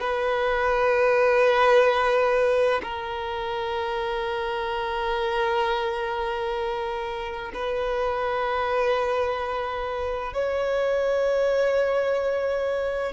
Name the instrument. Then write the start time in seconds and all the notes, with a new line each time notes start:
violin
0.00 B4
2.83 A#4
7.53 B4
10.33 C#5